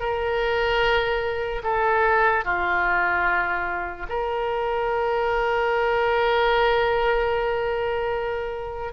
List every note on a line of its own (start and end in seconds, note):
0.00 1.62 A#4
1.64 2.45 A4
2.45 4.07 F4
4.09 8.93 A#4